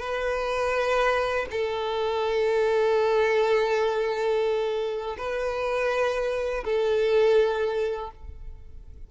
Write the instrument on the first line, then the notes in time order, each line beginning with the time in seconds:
violin
0.00 B4
1.51 A4
5.18 B4
6.65 A4